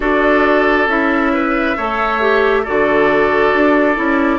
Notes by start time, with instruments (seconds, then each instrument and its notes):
0.00 bassoon D4, clarinet F#4, oboe A4, flute D5
0.86 bassoon C#4, clarinet E4, flute E5
1.33 oboe B4
1.76 bassoon A3, clarinet A4, oboe C#5
2.20 clarinet G4
2.62 bassoon D3, clarinet F#4, oboe A4, flute D5
3.53 bassoon D4
3.95 bassoon C#4, clarinet E4